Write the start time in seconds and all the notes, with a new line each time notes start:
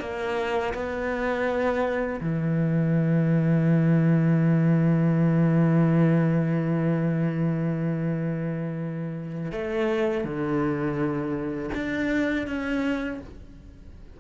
0.00 A#3
0.74 B3
2.21 E3
9.52 A3
10.24 D3
11.74 D4
12.47 C#4